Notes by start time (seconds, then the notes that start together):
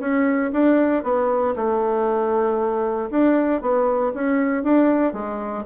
0.00 C#4
0.53 D4
1.03 B3
1.56 A3
3.10 D4
3.62 B3
4.14 C#4
4.63 D4
5.13 G#3